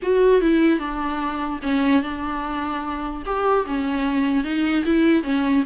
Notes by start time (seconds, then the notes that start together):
0.02 F#4
0.41 E4
0.79 D4
1.62 C#4
2.02 D4
3.25 G4
3.66 C#4
4.43 D#4
4.85 E4
5.23 C#4